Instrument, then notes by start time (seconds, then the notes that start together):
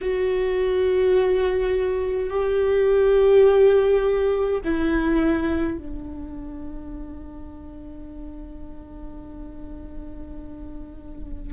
viola
0.01 F#4
2.30 G4
4.64 E4
5.77 D4